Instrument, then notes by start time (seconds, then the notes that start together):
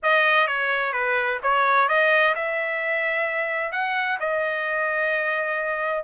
trumpet
0.02 D#5
0.47 C#5
0.92 B4
1.42 C#5
1.88 D#5
2.35 E5
3.71 F#5
4.20 D#5